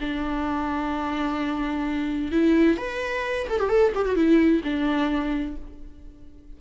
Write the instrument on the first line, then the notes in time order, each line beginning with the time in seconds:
viola
0.00 D4
2.32 E4
2.77 B4
3.49 A4
3.60 G4
3.69 A4
3.95 G4
4.05 F#4
4.15 E4
4.63 D4